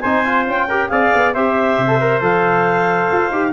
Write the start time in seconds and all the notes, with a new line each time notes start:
0.00 C4 D#4 C5 G#5
0.25 F4
0.46 C#4 G5
0.68 G4 A#4
0.89 C4 G#4 D5 F5
1.14 B3
1.33 C4 G4 C5 E5
1.78 C3
1.87 A4
2.00 A#4
2.21 F3 A4 F5
3.11 F4
3.30 D#4 G4